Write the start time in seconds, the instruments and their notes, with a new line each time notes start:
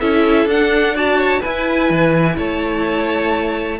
0.00 cello C#4, viola E4, violin A4 E5
0.45 cello D4, viola D4, violin F#5
0.94 viola F#4, violin D5 A5
1.18 violin C#5
1.40 viola E4, cello E4, violin B4 G#5
1.90 cello E3
2.37 cello A3, violin C#5 A5